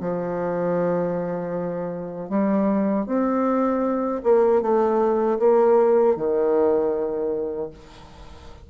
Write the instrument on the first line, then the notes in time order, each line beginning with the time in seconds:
bassoon
0.00 F3
2.29 G3
3.06 C4
4.23 A#3
4.62 A3
5.39 A#3
6.16 D#3